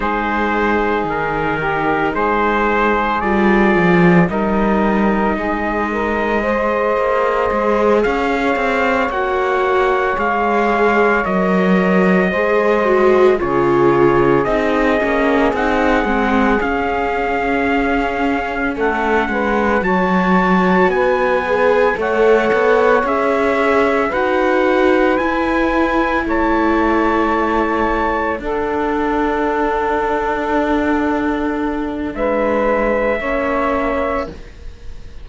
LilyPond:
<<
  \new Staff \with { instrumentName = "trumpet" } { \time 4/4 \tempo 4 = 56 c''4 ais'4 c''4 d''4 | dis''2.~ dis''8 f''8~ | f''8 fis''4 f''4 dis''4.~ | dis''8 cis''4 dis''4 fis''4 f''8~ |
f''4. fis''4 a''4 gis''8~ | gis''8 fis''4 e''4 fis''4 gis''8~ | gis''8 a''2 fis''4.~ | fis''2 e''2 | }
  \new Staff \with { instrumentName = "saxophone" } { \time 4/4 gis'4. g'8 gis'2 | ais'4 gis'8 ais'8 c''4. cis''8~ | cis''2.~ cis''8 c''8~ | c''8 gis'2.~ gis'8~ |
gis'4. a'8 b'8 cis''4 b'8~ | b'8 cis''2 b'4.~ | b'8 cis''2 a'4.~ | a'2 b'4 cis''4 | }
  \new Staff \with { instrumentName = "viola" } { \time 4/4 dis'2. f'4 | dis'2 gis'2~ | gis'8 fis'4 gis'4 ais'4 gis'8 | fis'8 f'4 dis'8 cis'8 dis'8 c'8 cis'8~ |
cis'2~ cis'8 fis'4. | gis'8 a'4 gis'4 fis'4 e'8~ | e'2~ e'8 d'4.~ | d'2. cis'4 | }
  \new Staff \with { instrumentName = "cello" } { \time 4/4 gis4 dis4 gis4 g8 f8 | g4 gis4. ais8 gis8 cis'8 | c'8 ais4 gis4 fis4 gis8~ | gis8 cis4 c'8 ais8 c'8 gis8 cis'8~ |
cis'4. a8 gis8 fis4 b8~ | b8 a8 b8 cis'4 dis'4 e'8~ | e'8 a2 d'4.~ | d'2 gis4 ais4 | }
>>